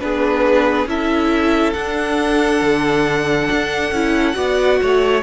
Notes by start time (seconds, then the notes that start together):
0.00 B3 D4 G#4 B4
0.86 C#4 E4 A4 E5
1.73 D4 F#5
2.62 D3
3.52 D4
3.92 C#4 E4
4.34 B3 F#4 D5
4.82 A3 C#5